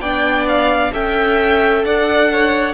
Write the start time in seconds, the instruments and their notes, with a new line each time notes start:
0.00 cello B3, viola D4, violin D5 G5
0.48 violin F5
0.92 cello C#4, viola A4, violin E5 G5
1.83 cello D4, violin D5 F#5
2.32 violin C#5